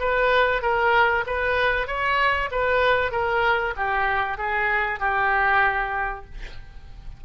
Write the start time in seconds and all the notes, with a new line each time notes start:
0.00 B4
0.62 A#4
1.26 B4
1.88 C#5
2.51 B4
3.12 A#4
3.77 G4
4.38 G#4
5.00 G4